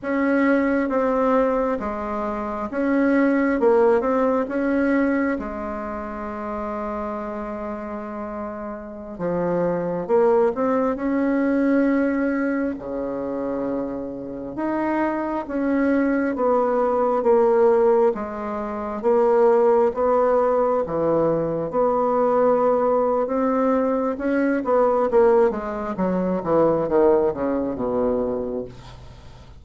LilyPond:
\new Staff \with { instrumentName = "bassoon" } { \time 4/4 \tempo 4 = 67 cis'4 c'4 gis4 cis'4 | ais8 c'8 cis'4 gis2~ | gis2~ gis16 f4 ais8 c'16~ | c'16 cis'2 cis4.~ cis16~ |
cis16 dis'4 cis'4 b4 ais8.~ | ais16 gis4 ais4 b4 e8.~ | e16 b4.~ b16 c'4 cis'8 b8 | ais8 gis8 fis8 e8 dis8 cis8 b,4 | }